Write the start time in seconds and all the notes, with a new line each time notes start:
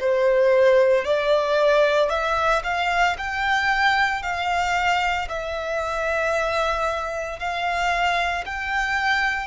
0.00 C5
1.05 D5
2.10 E5
2.64 F5
3.18 G5
4.22 F5
5.29 E5
7.39 F5
8.45 G5